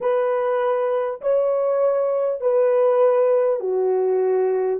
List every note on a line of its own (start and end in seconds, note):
0.01 1.21 B4
1.21 2.40 C#5
2.40 3.60 B4
3.60 4.79 F#4